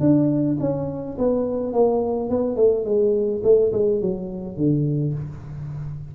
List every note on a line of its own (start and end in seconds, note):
0.00 0.57 D4
0.60 1.17 C#4
1.18 1.72 B3
1.72 2.29 A#3
2.29 2.56 B3
2.56 2.85 A3
2.85 3.42 G#3
3.43 3.72 A3
3.72 4.01 G#3
4.01 4.56 F#3
4.56 5.14 D3